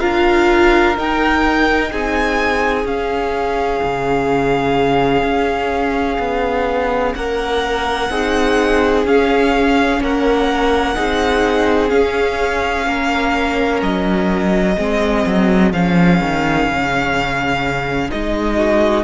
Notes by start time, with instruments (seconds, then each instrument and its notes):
0.00 cello D4, viola F4, violin A#4 F5
0.96 viola D#4, cello D#4, violin G5
1.92 cello C4, violin G#4 G#5
2.85 cello C#4, viola C#4, violin F5
3.83 cello C#3
5.23 cello C#4
6.19 cello B3
7.15 cello A#3, violin A#4 F#5
8.10 cello C4, viola D#4, violin G#4
9.05 cello C#4, viola C#4, violin F5
10.01 cello A#3, violin A#4 F#5
10.96 cello C4, viola D#4, violin G#4
11.89 viola C#4, cello C#4, violin F5
12.87 cello A#3, violin A#4
13.82 cello F#3, violin D#5
14.77 cello G#3, viola C4, violin G#4
15.27 cello F#3
15.73 cello F3, viola C#4, violin F5
16.22 cello D#3
16.67 cello C#3
18.10 cello G#3, viola D#4, violin D#5
18.56 violin F#4